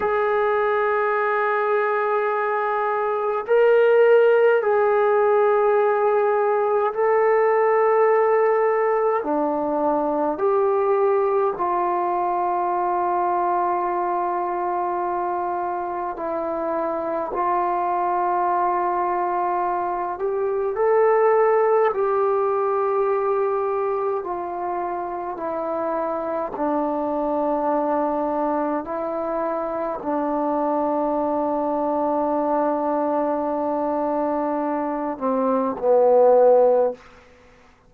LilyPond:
\new Staff \with { instrumentName = "trombone" } { \time 4/4 \tempo 4 = 52 gis'2. ais'4 | gis'2 a'2 | d'4 g'4 f'2~ | f'2 e'4 f'4~ |
f'4. g'8 a'4 g'4~ | g'4 f'4 e'4 d'4~ | d'4 e'4 d'2~ | d'2~ d'8 c'8 b4 | }